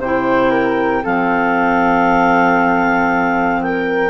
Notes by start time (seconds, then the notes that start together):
0.00 C3 E4 C5 G5
0.51 A#4
1.03 F3 C4 A4 F5
3.63 A#4 G5